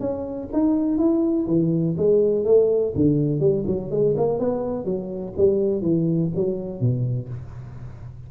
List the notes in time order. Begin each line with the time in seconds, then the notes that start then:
0.00 C#4
0.53 D#4
0.98 E4
1.47 E3
1.98 G#3
2.45 A3
2.95 D3
3.40 G3
3.67 F#3
3.91 G#3
4.17 A#3
4.39 B3
4.85 F#3
5.37 G3
5.82 E3
6.36 F#3
6.80 B2